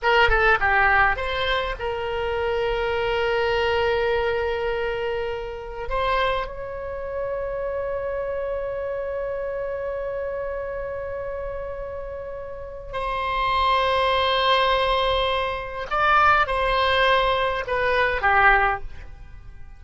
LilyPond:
\new Staff \with { instrumentName = "oboe" } { \time 4/4 \tempo 4 = 102 ais'8 a'8 g'4 c''4 ais'4~ | ais'1~ | ais'2 c''4 cis''4~ | cis''1~ |
cis''1~ | cis''2 c''2~ | c''2. d''4 | c''2 b'4 g'4 | }